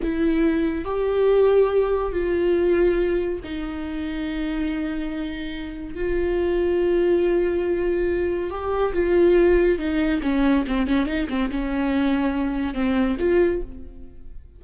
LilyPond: \new Staff \with { instrumentName = "viola" } { \time 4/4 \tempo 4 = 141 e'2 g'2~ | g'4 f'2. | dis'1~ | dis'2 f'2~ |
f'1 | g'4 f'2 dis'4 | cis'4 c'8 cis'8 dis'8 c'8 cis'4~ | cis'2 c'4 f'4 | }